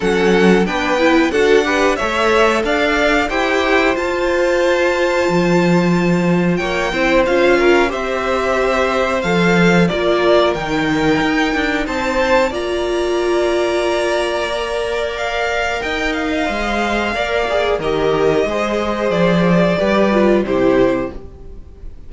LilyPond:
<<
  \new Staff \with { instrumentName = "violin" } { \time 4/4 \tempo 4 = 91 fis''4 g''4 fis''4 e''4 | f''4 g''4 a''2~ | a''2 g''4 f''4 | e''2 f''4 d''4 |
g''2 a''4 ais''4~ | ais''2. f''4 | g''8 f''2~ f''8 dis''4~ | dis''4 d''2 c''4 | }
  \new Staff \with { instrumentName = "violin" } { \time 4/4 a'4 b'4 a'8 b'8 cis''4 | d''4 c''2.~ | c''2 cis''8 c''4 ais'8 | c''2. ais'4~ |
ais'2 c''4 d''4~ | d''1 | dis''2 d''4 ais'4 | c''2 b'4 g'4 | }
  \new Staff \with { instrumentName = "viola" } { \time 4/4 cis'4 d'8 e'8 fis'8 g'8 a'4~ | a'4 g'4 f'2~ | f'2~ f'8 e'8 f'4 | g'2 a'4 f'4 |
dis'2. f'4~ | f'2 ais'2~ | ais'4 c''4 ais'8 gis'8 g'4 | gis'2 g'8 f'8 e'4 | }
  \new Staff \with { instrumentName = "cello" } { \time 4/4 fis4 b4 d'4 a4 | d'4 e'4 f'2 | f2 ais8 c'8 cis'4 | c'2 f4 ais4 |
dis4 dis'8 d'8 c'4 ais4~ | ais1 | dis'4 gis4 ais4 dis4 | gis4 f4 g4 c4 | }
>>